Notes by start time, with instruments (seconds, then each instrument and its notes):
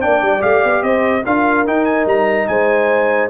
0.00 tuba A#3, trombone D4, horn D5, trumpet G5
0.22 tuba G3
0.39 tuba A3, trombone G4, trumpet F5
0.64 tuba B3
0.82 tuba C4, horn C5, trumpet D#5
1.25 tuba D4, trombone F4, horn A#4, trumpet F5
1.66 trombone D#4, tuba D#4, trumpet G5
1.85 trumpet G#5
2.06 tuba G3, trumpet A#5
2.48 tuba G#3, horn C5, trumpet G#5